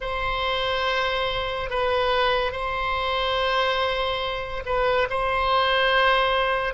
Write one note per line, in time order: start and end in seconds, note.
0.00 1.69 C5
1.70 2.52 B4
2.52 4.63 C5
4.65 5.07 B4
5.09 6.74 C5